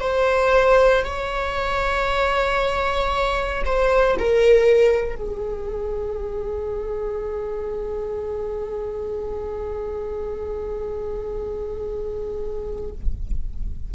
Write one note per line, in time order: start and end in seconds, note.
0.00 1.03 C5
1.04 3.63 C#5
3.65 4.17 C5
4.18 5.15 A#4
5.15 12.91 G#4